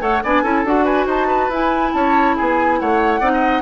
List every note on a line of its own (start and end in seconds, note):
0.00 0.22 A3
0.00 0.21 A4
0.00 0.23 C#5
0.00 0.23 F#5
0.23 0.43 B3
0.23 0.44 D4
0.23 0.42 D5
0.23 0.66 G#5
0.42 0.64 C#4
0.42 0.65 E4
0.42 0.84 A4
0.64 1.06 D4
0.64 1.51 F#4
0.64 0.85 F#5
0.84 1.06 B4
0.84 1.06 G#5
1.06 1.49 D#4
1.06 1.27 C5
1.06 1.52 A5
1.27 1.91 B4
1.49 1.91 E4
1.49 3.22 E4
1.49 1.92 G#5
1.92 2.37 C#4
1.92 2.36 C#5
1.92 2.35 A5
2.36 2.81 B3
2.36 2.79 G#4
2.36 2.79 G#5
2.79 3.20 A3
2.79 3.20 C#5
2.79 3.62 F#5
3.20 3.62 C4
3.20 3.62 D#4
3.20 3.31 D5
3.33 3.62 D#5